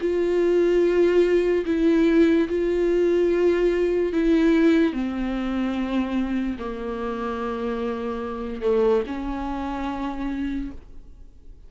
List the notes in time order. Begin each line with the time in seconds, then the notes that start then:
0.00 F4
1.65 E4
2.48 F4
4.12 E4
4.92 C4
6.58 A#3
8.62 A3
9.06 C#4